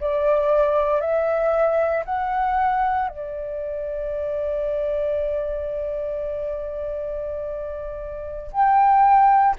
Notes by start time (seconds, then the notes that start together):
0.00 D5
1.00 E5
2.05 F#5
3.08 D5
8.52 G5